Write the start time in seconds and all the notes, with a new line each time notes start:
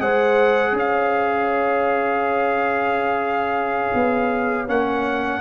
0.00 G#3 G#4 C5 F#5
0.73 C#4 C#5 F5
3.94 B3
4.67 A#3 C#4 F#5